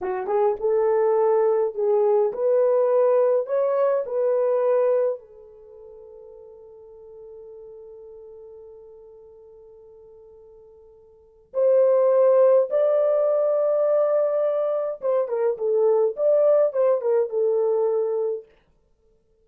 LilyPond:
\new Staff \with { instrumentName = "horn" } { \time 4/4 \tempo 4 = 104 fis'8 gis'8 a'2 gis'4 | b'2 cis''4 b'4~ | b'4 a'2.~ | a'1~ |
a'1 | c''2 d''2~ | d''2 c''8 ais'8 a'4 | d''4 c''8 ais'8 a'2 | }